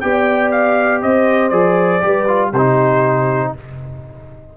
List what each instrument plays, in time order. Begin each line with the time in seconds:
0.00 tuba B3, trombone G4, horn D5, trumpet G5
0.51 trumpet F5
1.02 tuba C4, horn C5, trumpet D#5
1.49 tuba F3, trombone G#4, trumpet D5
2.00 tuba G3, trombone G4, horn B4
2.27 trombone F4
2.49 tuba C3, horn G4, trumpet C5
2.57 trombone D#4